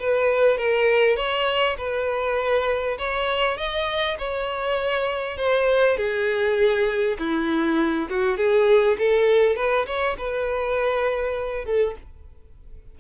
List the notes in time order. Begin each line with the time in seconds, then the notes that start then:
0.00 B4
0.58 A#4
1.17 C#5
1.78 B4
2.99 C#5
3.58 D#5
4.19 C#5
5.37 C5
5.97 G#4
7.19 E4
8.10 F#4
8.37 G#4
8.99 A4
9.56 B4
9.87 C#5
10.18 B4
11.65 A4